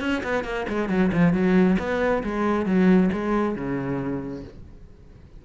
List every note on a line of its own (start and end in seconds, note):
0.00 0.22 C#4
0.23 0.44 B3
0.44 0.66 A#3
0.68 0.89 G#3
0.89 1.11 F#3
1.12 1.33 F3
1.33 1.77 F#3
1.79 2.23 B3
2.23 2.66 G#3
2.66 3.10 F#3
3.13 3.55 G#3
3.55 4.43 C#3